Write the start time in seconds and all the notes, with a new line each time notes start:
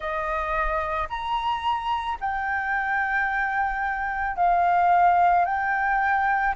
0.00 D#5
1.09 A#5
2.20 G5
4.36 F5
5.45 G5